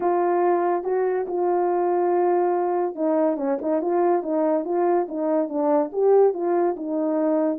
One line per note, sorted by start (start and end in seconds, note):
0.00 0.83 F4
0.83 1.26 F#4
1.27 2.95 F4
2.95 3.36 D#4
3.36 3.58 C#4
3.61 3.81 D#4
3.81 4.22 F4
4.22 4.64 D#4
4.64 5.07 F4
5.08 5.48 D#4
5.48 5.91 D4
5.92 6.33 G4
6.33 6.75 F4
6.76 7.58 D#4